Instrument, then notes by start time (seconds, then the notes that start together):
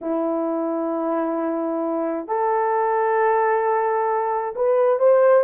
horn
0.01 E4
2.27 A4
4.55 B4
4.99 C5